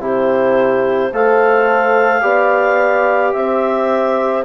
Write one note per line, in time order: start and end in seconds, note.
0.00 1.11 C3
0.00 1.12 E4
0.00 1.12 G4
0.00 1.14 C5
1.12 2.23 A3
1.12 2.22 A4
1.12 2.23 C5
1.12 3.33 F5
2.22 3.34 B3
2.22 4.44 G4
2.22 3.34 D5
3.33 4.46 C4
3.33 4.46 C5
3.33 4.44 E5